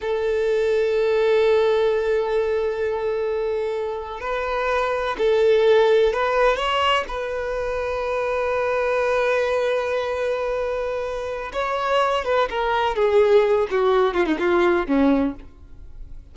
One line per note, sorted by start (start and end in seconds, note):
0.01 4.20 A4
4.20 5.16 B4
5.18 6.13 A4
6.13 6.56 B4
6.56 7.04 C#5
7.08 11.52 B4
11.52 12.24 C#5
12.24 12.48 B4
12.49 12.95 A#4
12.95 13.67 G#4
13.70 14.13 F#4
14.13 14.25 F4
14.25 14.37 D#4
14.38 14.86 F4
14.86 15.34 C#4